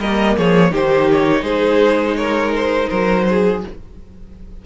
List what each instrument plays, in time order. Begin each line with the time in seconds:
0.00 cello G3, viola A#3, violin A#4 D#5
0.38 cello F3, violin G#4 C#5
0.72 cello D#3, viola D#4, violin G4 C5
1.12 violin C#5
1.42 cello G#3, violin G#4 C5
2.17 violin A#4 C#5
2.56 violin C5
2.89 cello F#3, violin A#4 C5
3.30 violin G#4